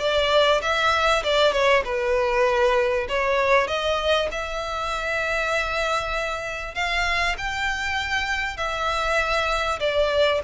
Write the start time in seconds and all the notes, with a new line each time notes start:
0.00 D5
0.62 E5
1.24 D5
1.53 C#5
1.85 B4
3.09 C#5
3.68 D#5
4.31 E5
6.75 F5
7.38 G5
8.57 E5
9.80 D5